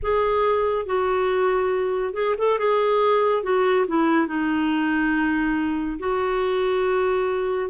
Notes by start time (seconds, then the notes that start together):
0.02 G#4
0.86 F#4
2.14 G#4
2.38 A4
2.59 G#4
3.43 F#4
3.87 E4
4.27 D#4
5.99 F#4